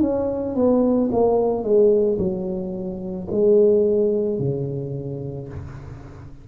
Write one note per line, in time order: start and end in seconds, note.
0.00 0.55 C#4
0.55 1.10 B3
1.12 1.63 A#3
1.63 2.18 G#3
2.18 3.27 F#3
3.31 4.39 G#3
4.39 5.48 C#3